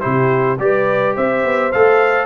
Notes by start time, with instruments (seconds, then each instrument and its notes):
0.00 tuba C3, trombone E4, horn G4, trumpet C5
0.59 tuba G3, trombone G4, horn B4, trumpet D5
1.15 tuba C4, horn C5, trumpet E5
1.45 tuba B3
1.72 tuba A3, trombone A4, trumpet F5